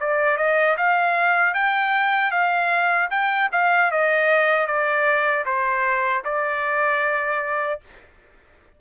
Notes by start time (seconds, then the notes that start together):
0.00 D5
0.38 D#5
0.77 F5
1.54 G5
2.31 F5
3.11 G5
3.52 F5
3.91 D#5
4.67 D5
5.46 C5
6.25 D5